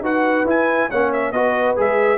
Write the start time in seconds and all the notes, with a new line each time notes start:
0.00 D#4 F#4 B4 F#5
0.44 E4 G#5
0.89 A#3 C#4 C#5 F#5
1.12 E5
1.31 B3 F#4 B4 D#5
1.76 G#3 G#4 E5